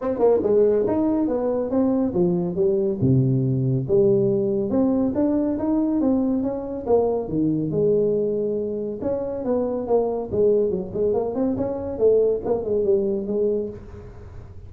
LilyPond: \new Staff \with { instrumentName = "tuba" } { \time 4/4 \tempo 4 = 140 c'8 ais8 gis4 dis'4 b4 | c'4 f4 g4 c4~ | c4 g2 c'4 | d'4 dis'4 c'4 cis'4 |
ais4 dis4 gis2~ | gis4 cis'4 b4 ais4 | gis4 fis8 gis8 ais8 c'8 cis'4 | a4 ais8 gis8 g4 gis4 | }